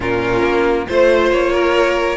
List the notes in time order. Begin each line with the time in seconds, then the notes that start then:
0.00 A#2 C#4 F4 A#4
0.42 A#3
0.87 A3 F4 C5
1.31 A#3 C#5
1.52 A#4